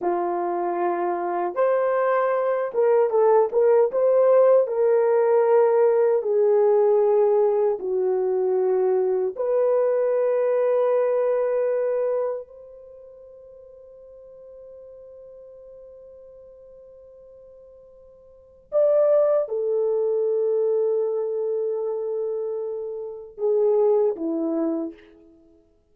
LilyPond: \new Staff \with { instrumentName = "horn" } { \time 4/4 \tempo 4 = 77 f'2 c''4. ais'8 | a'8 ais'8 c''4 ais'2 | gis'2 fis'2 | b'1 |
c''1~ | c''1 | d''4 a'2.~ | a'2 gis'4 e'4 | }